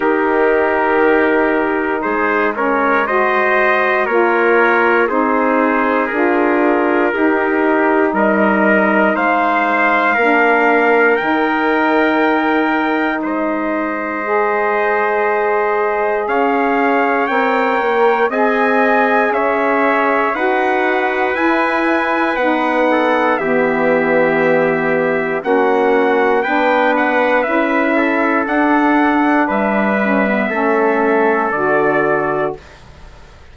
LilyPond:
<<
  \new Staff \with { instrumentName = "trumpet" } { \time 4/4 \tempo 4 = 59 ais'2 c''8 cis''8 dis''4 | cis''4 c''4 ais'2 | dis''4 f''2 g''4~ | g''4 dis''2. |
f''4 g''4 gis''4 e''4 | fis''4 gis''4 fis''4 e''4~ | e''4 fis''4 g''8 fis''8 e''4 | fis''4 e''2 d''4 | }
  \new Staff \with { instrumentName = "trumpet" } { \time 4/4 g'2 gis'8 ais'8 c''4 | ais'4 gis'2 g'4 | ais'4 c''4 ais'2~ | ais'4 c''2. |
cis''2 dis''4 cis''4 | b'2~ b'8 a'8 g'4~ | g'4 fis'4 b'4. a'8~ | a'4 b'4 a'2 | }
  \new Staff \with { instrumentName = "saxophone" } { \time 4/4 dis'2~ dis'8 cis'8 fis'4 | f'4 dis'4 f'4 dis'4~ | dis'2 d'4 dis'4~ | dis'2 gis'2~ |
gis'4 ais'4 gis'2 | fis'4 e'4 dis'4 b4~ | b4 cis'4 d'4 e'4 | d'4. cis'16 b16 cis'4 fis'4 | }
  \new Staff \with { instrumentName = "bassoon" } { \time 4/4 dis2 gis2 | ais4 c'4 d'4 dis'4 | g4 gis4 ais4 dis4~ | dis4 gis2. |
cis'4 c'8 ais8 c'4 cis'4 | dis'4 e'4 b4 e4~ | e4 ais4 b4 cis'4 | d'4 g4 a4 d4 | }
>>